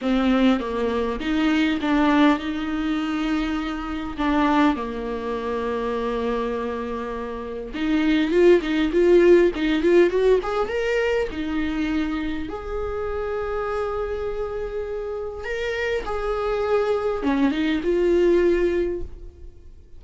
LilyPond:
\new Staff \with { instrumentName = "viola" } { \time 4/4 \tempo 4 = 101 c'4 ais4 dis'4 d'4 | dis'2. d'4 | ais1~ | ais4 dis'4 f'8 dis'8 f'4 |
dis'8 f'8 fis'8 gis'8 ais'4 dis'4~ | dis'4 gis'2.~ | gis'2 ais'4 gis'4~ | gis'4 cis'8 dis'8 f'2 | }